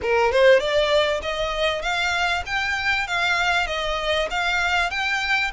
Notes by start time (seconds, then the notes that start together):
0.02 A#4
0.31 C5
0.59 D5
1.21 D#5
1.82 F5
2.45 G5
3.07 F5
3.67 D#5
4.30 F5
4.90 G5